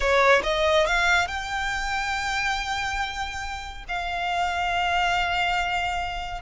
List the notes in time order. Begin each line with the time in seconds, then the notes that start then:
0.00 C#5
0.43 D#5
0.86 F5
1.27 G5
3.88 F5